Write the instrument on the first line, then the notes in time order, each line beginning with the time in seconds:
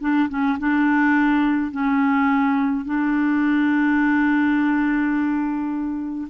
clarinet
0.00 D4
0.29 C#4
0.58 D4
1.71 C#4
2.85 D4